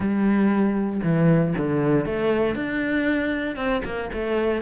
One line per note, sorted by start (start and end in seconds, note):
0.00 1.00 G3
1.03 1.54 E3
1.57 2.05 D3
2.05 2.55 A3
2.55 3.55 D4
3.55 3.81 C4
3.84 4.10 A#3
4.13 4.62 A3